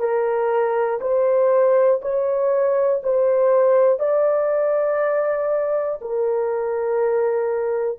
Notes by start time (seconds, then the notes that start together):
0.00 A#4
1.00 C5
2.01 C#5
3.03 C5
4.00 D5
6.01 A#4